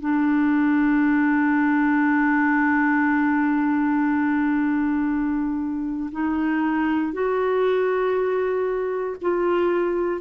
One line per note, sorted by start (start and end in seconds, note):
0.00 6.10 D4
6.11 7.13 D#4
7.13 9.16 F#4
9.21 10.21 F4